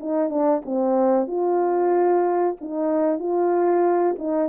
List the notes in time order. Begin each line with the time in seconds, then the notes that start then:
0.00 D#4
0.30 D4
0.65 C4
1.28 F4
2.61 D#4
3.20 F4
4.19 D#4